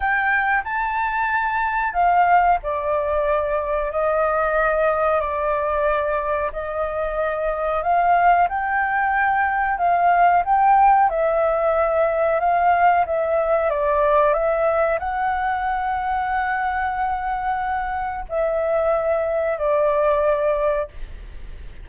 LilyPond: \new Staff \with { instrumentName = "flute" } { \time 4/4 \tempo 4 = 92 g''4 a''2 f''4 | d''2 dis''2 | d''2 dis''2 | f''4 g''2 f''4 |
g''4 e''2 f''4 | e''4 d''4 e''4 fis''4~ | fis''1 | e''2 d''2 | }